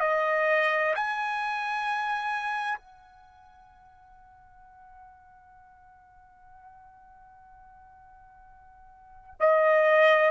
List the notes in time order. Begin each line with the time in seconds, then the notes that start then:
0.00 D#5
0.95 G#5
2.78 F#5
9.40 D#5